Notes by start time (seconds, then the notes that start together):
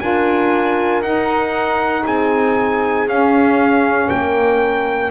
0.00 D4 F4 A#4 G#5
1.02 D#4 F#5
2.05 C4 G#4 G#5
3.07 C#4 F5
4.09 A#3 A#4 G5